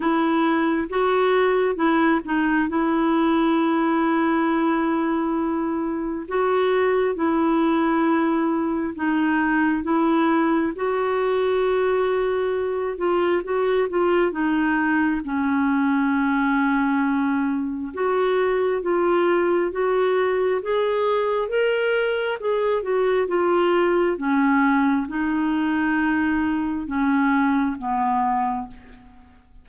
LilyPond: \new Staff \with { instrumentName = "clarinet" } { \time 4/4 \tempo 4 = 67 e'4 fis'4 e'8 dis'8 e'4~ | e'2. fis'4 | e'2 dis'4 e'4 | fis'2~ fis'8 f'8 fis'8 f'8 |
dis'4 cis'2. | fis'4 f'4 fis'4 gis'4 | ais'4 gis'8 fis'8 f'4 cis'4 | dis'2 cis'4 b4 | }